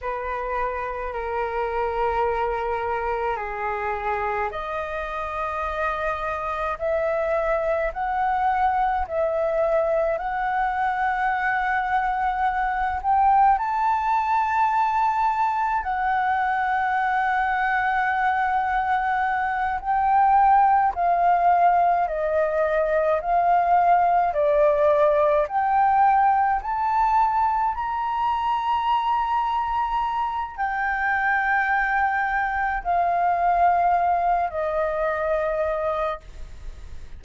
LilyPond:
\new Staff \with { instrumentName = "flute" } { \time 4/4 \tempo 4 = 53 b'4 ais'2 gis'4 | dis''2 e''4 fis''4 | e''4 fis''2~ fis''8 g''8 | a''2 fis''2~ |
fis''4. g''4 f''4 dis''8~ | dis''8 f''4 d''4 g''4 a''8~ | a''8 ais''2~ ais''8 g''4~ | g''4 f''4. dis''4. | }